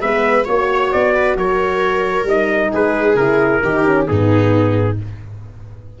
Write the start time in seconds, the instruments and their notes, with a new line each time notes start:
0.00 tuba G#3, horn B3, viola B4, trumpet E5
0.45 tuba A#3, horn F#4, viola C#5, trumpet C#5
0.92 tuba B3, trumpet D5
1.14 viola B4
1.35 tuba F#3, viola A#4, trumpet C#5
2.23 tuba G3, horn D#4, trumpet D#5
2.71 tuba G#3, viola G#4, trumpet B4
3.15 tuba C#3, horn E4, trumpet A#4
3.62 tuba D#3, horn D#4, viola G4
3.85 horn C#4
4.06 tuba G#2, horn B3, viola D#4, trumpet G#4